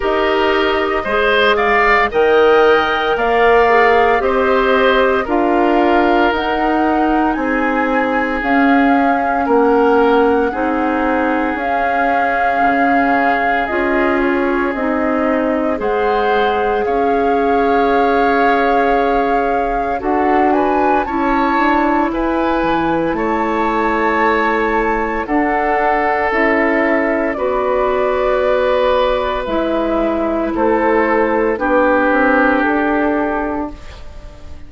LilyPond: <<
  \new Staff \with { instrumentName = "flute" } { \time 4/4 \tempo 4 = 57 dis''4. f''8 g''4 f''4 | dis''4 f''4 fis''4 gis''4 | f''4 fis''2 f''4~ | f''4 dis''8 cis''8 dis''4 fis''4 |
f''2. fis''8 gis''8 | a''4 gis''4 a''2 | fis''4 e''4 d''2 | e''4 c''4 b'4 a'4 | }
  \new Staff \with { instrumentName = "oboe" } { \time 4/4 ais'4 c''8 d''8 dis''4 d''4 | c''4 ais'2 gis'4~ | gis'4 ais'4 gis'2~ | gis'2. c''4 |
cis''2. a'8 b'8 | cis''4 b'4 cis''2 | a'2 b'2~ | b'4 a'4 g'2 | }
  \new Staff \with { instrumentName = "clarinet" } { \time 4/4 g'4 gis'4 ais'4. gis'8 | g'4 f'4 dis'2 | cis'2 dis'4 cis'4~ | cis'4 f'4 dis'4 gis'4~ |
gis'2. fis'4 | e'1 | d'4 e'4 fis'2 | e'2 d'2 | }
  \new Staff \with { instrumentName = "bassoon" } { \time 4/4 dis'4 gis4 dis4 ais4 | c'4 d'4 dis'4 c'4 | cis'4 ais4 c'4 cis'4 | cis4 cis'4 c'4 gis4 |
cis'2. d'4 | cis'8 d'8 e'8 e8 a2 | d'4 cis'4 b2 | gis4 a4 b8 c'8 d'4 | }
>>